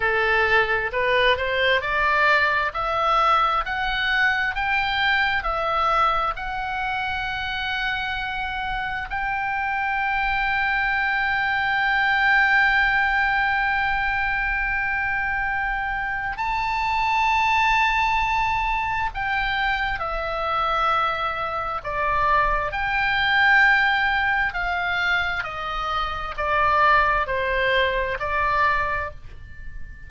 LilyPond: \new Staff \with { instrumentName = "oboe" } { \time 4/4 \tempo 4 = 66 a'4 b'8 c''8 d''4 e''4 | fis''4 g''4 e''4 fis''4~ | fis''2 g''2~ | g''1~ |
g''2 a''2~ | a''4 g''4 e''2 | d''4 g''2 f''4 | dis''4 d''4 c''4 d''4 | }